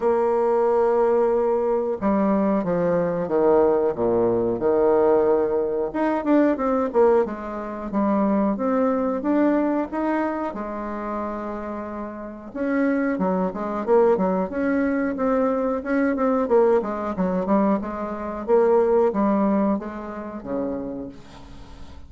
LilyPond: \new Staff \with { instrumentName = "bassoon" } { \time 4/4 \tempo 4 = 91 ais2. g4 | f4 dis4 ais,4 dis4~ | dis4 dis'8 d'8 c'8 ais8 gis4 | g4 c'4 d'4 dis'4 |
gis2. cis'4 | fis8 gis8 ais8 fis8 cis'4 c'4 | cis'8 c'8 ais8 gis8 fis8 g8 gis4 | ais4 g4 gis4 cis4 | }